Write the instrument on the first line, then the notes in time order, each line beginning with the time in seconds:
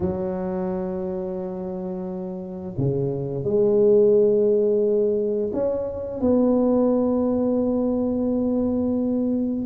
tuba
0.00 F#3
2.77 C#3
3.44 G#3
5.53 C#4
6.20 B3